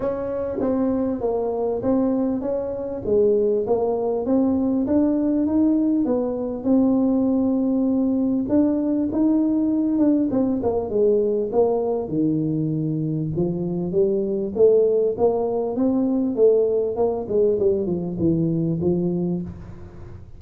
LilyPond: \new Staff \with { instrumentName = "tuba" } { \time 4/4 \tempo 4 = 99 cis'4 c'4 ais4 c'4 | cis'4 gis4 ais4 c'4 | d'4 dis'4 b4 c'4~ | c'2 d'4 dis'4~ |
dis'8 d'8 c'8 ais8 gis4 ais4 | dis2 f4 g4 | a4 ais4 c'4 a4 | ais8 gis8 g8 f8 e4 f4 | }